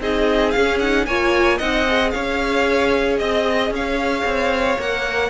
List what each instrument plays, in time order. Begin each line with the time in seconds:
0.00 cello C4, viola D#4, violin G#4 D#5
0.51 cello C#4, viola C#4, violin F5
0.80 viola D#4, violin F#5
1.06 cello A#3, viola F4, violin C#5 G#5
1.58 cello C4, viola D#4, violin D#5 F#5
1.88 viola G#4
2.11 cello C#4, violin C#5 F5
3.18 cello C4, violin D#5
3.70 cello C#4, violin C#5 F5
4.24 cello C4
4.79 cello A#3, viola A#4, violin F#5